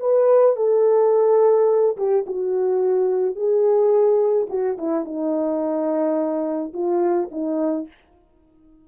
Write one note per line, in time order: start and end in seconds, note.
0.00 0.56 B4
0.56 1.97 A4
1.97 2.25 G4
2.27 3.35 F#4
3.35 4.48 G#4
4.49 4.77 F#4
4.78 5.05 E4
5.05 6.73 D#4
6.73 7.29 F4
7.32 7.88 D#4